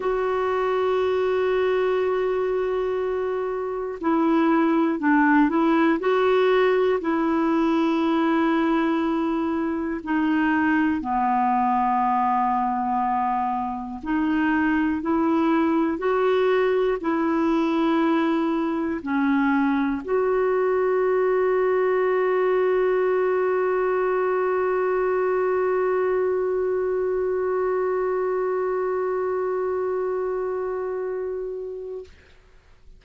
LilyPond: \new Staff \with { instrumentName = "clarinet" } { \time 4/4 \tempo 4 = 60 fis'1 | e'4 d'8 e'8 fis'4 e'4~ | e'2 dis'4 b4~ | b2 dis'4 e'4 |
fis'4 e'2 cis'4 | fis'1~ | fis'1~ | fis'1 | }